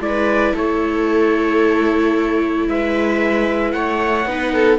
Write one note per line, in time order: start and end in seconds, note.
0.00 0.53 G#3
0.00 4.26 E4
0.00 0.54 B4
0.00 0.55 D5
0.54 2.68 A3
0.54 2.67 A4
0.54 2.69 C#5
2.68 3.73 G#3
2.68 3.75 B4
2.68 3.72 E5
3.72 4.26 A3
3.72 4.28 C#5
3.72 4.78 F#5
4.26 4.79 B3
4.26 4.79 D#4
4.26 4.54 B4
4.54 4.79 A4